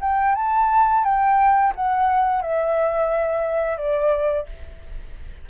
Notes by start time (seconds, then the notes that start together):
0.00 G5
0.35 A5
1.04 G5
1.75 F#5
2.42 E5
3.77 D5